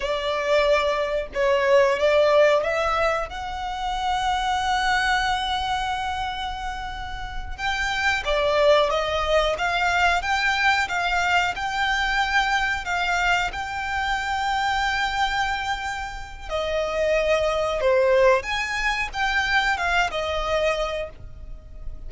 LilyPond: \new Staff \with { instrumentName = "violin" } { \time 4/4 \tempo 4 = 91 d''2 cis''4 d''4 | e''4 fis''2.~ | fis''2.~ fis''8 g''8~ | g''8 d''4 dis''4 f''4 g''8~ |
g''8 f''4 g''2 f''8~ | f''8 g''2.~ g''8~ | g''4 dis''2 c''4 | gis''4 g''4 f''8 dis''4. | }